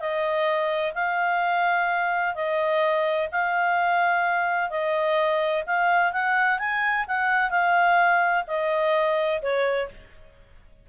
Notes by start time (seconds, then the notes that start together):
0.00 D#5
0.95 F5
2.35 D#5
3.32 F5
4.70 D#5
5.67 F5
6.13 F#5
6.59 G#5
7.08 F#5
7.51 F5
8.48 D#5
9.42 C#5